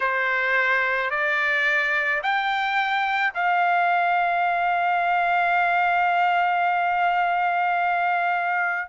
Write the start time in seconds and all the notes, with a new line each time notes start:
0.00 C5
1.10 D5
2.22 G5
3.34 F5